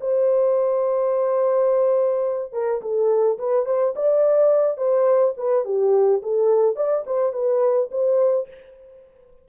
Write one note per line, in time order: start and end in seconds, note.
0.00 2.53 C5
2.53 2.81 A#4
2.81 3.38 A4
3.38 3.65 B4
3.65 3.94 C5
3.95 4.77 D5
4.77 5.34 C5
5.37 5.65 B4
5.65 6.21 G4
6.22 6.76 A4
6.76 7.04 D5
7.06 7.33 C5
7.33 7.89 B4
7.91 8.48 C5